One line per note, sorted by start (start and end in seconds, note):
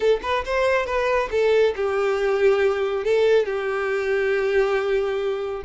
0.00 0.20 A4
0.22 0.44 B4
0.45 0.85 C5
0.85 1.29 B4
1.31 1.74 A4
1.76 3.04 G4
3.04 3.45 A4
3.45 5.63 G4